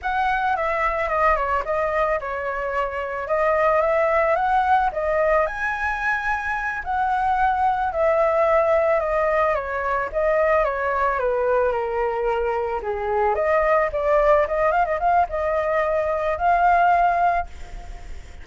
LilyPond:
\new Staff \with { instrumentName = "flute" } { \time 4/4 \tempo 4 = 110 fis''4 e''4 dis''8 cis''8 dis''4 | cis''2 dis''4 e''4 | fis''4 dis''4 gis''2~ | gis''8 fis''2 e''4.~ |
e''8 dis''4 cis''4 dis''4 cis''8~ | cis''8 b'4 ais'2 gis'8~ | gis'8 dis''4 d''4 dis''8 f''16 dis''16 f''8 | dis''2 f''2 | }